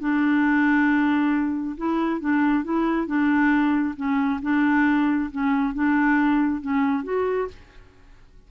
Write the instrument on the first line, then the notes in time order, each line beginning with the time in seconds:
clarinet
0.00 D4
1.77 E4
2.21 D4
2.64 E4
3.07 D4
3.96 C#4
4.42 D4
5.31 C#4
5.74 D4
6.62 C#4
7.04 F#4